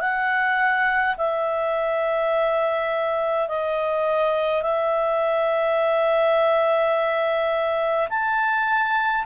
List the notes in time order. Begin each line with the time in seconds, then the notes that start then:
0.00 F#5
1.17 E5
3.48 D#5
4.63 E5
8.10 A5